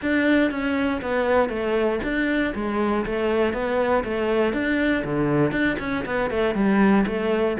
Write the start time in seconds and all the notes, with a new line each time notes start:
0.02 D4
0.50 C#4
1.01 B3
1.49 A3
2.03 D4
2.54 G#3
3.05 A3
3.53 B3
4.04 A3
4.53 D4
5.04 D3
5.51 D4
5.79 C#4
6.05 B3
6.30 A3
6.54 G3
7.06 A3